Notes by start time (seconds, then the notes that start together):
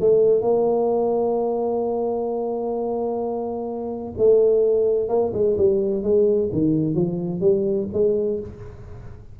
0.00 A3
0.41 A#3
4.17 A3
5.09 A#3
5.33 G#3
5.58 G3
6.03 G#3
6.52 D#3
6.95 F3
7.41 G3
7.93 G#3